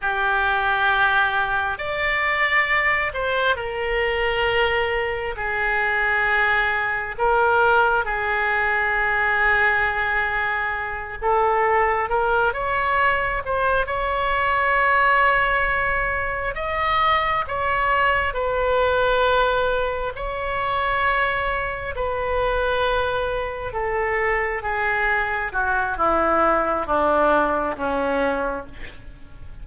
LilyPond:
\new Staff \with { instrumentName = "oboe" } { \time 4/4 \tempo 4 = 67 g'2 d''4. c''8 | ais'2 gis'2 | ais'4 gis'2.~ | gis'8 a'4 ais'8 cis''4 c''8 cis''8~ |
cis''2~ cis''8 dis''4 cis''8~ | cis''8 b'2 cis''4.~ | cis''8 b'2 a'4 gis'8~ | gis'8 fis'8 e'4 d'4 cis'4 | }